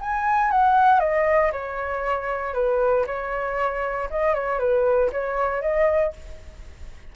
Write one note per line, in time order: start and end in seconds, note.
0.00 0.50 G#5
0.50 1.00 F#5
1.00 1.51 D#5
1.52 2.54 C#5
2.54 3.05 B4
3.06 4.09 C#5
4.10 4.34 D#5
4.34 4.59 C#5
4.59 5.10 B4
5.12 5.61 C#5
5.61 6.13 D#5